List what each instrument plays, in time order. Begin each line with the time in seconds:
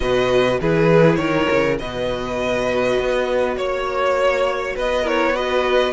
0.00 cello B2, viola F#4, violin B4 D#5
0.60 cello E3, viola E4, violin G#4 B4
1.15 cello D#3, violin A#4 C#5
1.51 cello C#3
1.78 cello B2, viola F#4, violin B4 D#5
2.98 cello B3
3.57 cello A#3, violin C#5
4.75 cello B3, violin B4 D#5
5.02 viola E4, violin A#4 C#5
5.34 viola F#4, violin B4 D#5